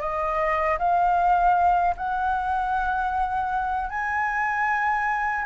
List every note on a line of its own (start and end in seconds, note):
0.00 0.78 D#5
0.78 1.95 F5
1.97 3.89 F#5
3.89 5.45 G#5